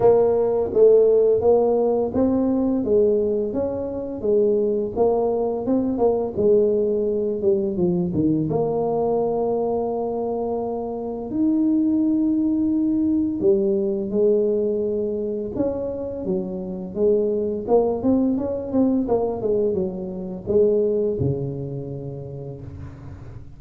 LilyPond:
\new Staff \with { instrumentName = "tuba" } { \time 4/4 \tempo 4 = 85 ais4 a4 ais4 c'4 | gis4 cis'4 gis4 ais4 | c'8 ais8 gis4. g8 f8 dis8 | ais1 |
dis'2. g4 | gis2 cis'4 fis4 | gis4 ais8 c'8 cis'8 c'8 ais8 gis8 | fis4 gis4 cis2 | }